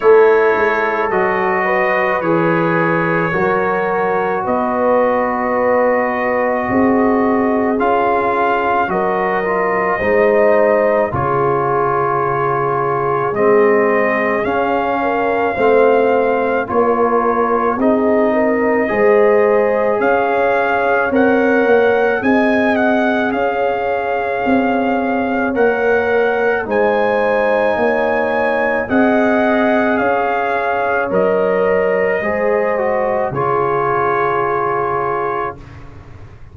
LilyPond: <<
  \new Staff \with { instrumentName = "trumpet" } { \time 4/4 \tempo 4 = 54 cis''4 dis''4 cis''2 | dis''2. f''4 | dis''2 cis''2 | dis''4 f''2 cis''4 |
dis''2 f''4 fis''4 | gis''8 fis''8 f''2 fis''4 | gis''2 fis''4 f''4 | dis''2 cis''2 | }
  \new Staff \with { instrumentName = "horn" } { \time 4/4 a'4. b'4. ais'4 | b'2 gis'2 | ais'4 c''4 gis'2~ | gis'4. ais'8 c''4 ais'4 |
gis'8 ais'8 c''4 cis''2 | dis''4 cis''2. | c''4 cis''4 dis''4 cis''4~ | cis''4 c''4 gis'2 | }
  \new Staff \with { instrumentName = "trombone" } { \time 4/4 e'4 fis'4 gis'4 fis'4~ | fis'2. f'4 | fis'8 f'8 dis'4 f'2 | c'4 cis'4 c'4 f'4 |
dis'4 gis'2 ais'4 | gis'2. ais'4 | dis'2 gis'2 | ais'4 gis'8 fis'8 f'2 | }
  \new Staff \with { instrumentName = "tuba" } { \time 4/4 a8 gis8 fis4 e4 fis4 | b2 c'4 cis'4 | fis4 gis4 cis2 | gis4 cis'4 a4 ais4 |
c'4 gis4 cis'4 c'8 ais8 | c'4 cis'4 c'4 ais4 | gis4 ais4 c'4 cis'4 | fis4 gis4 cis2 | }
>>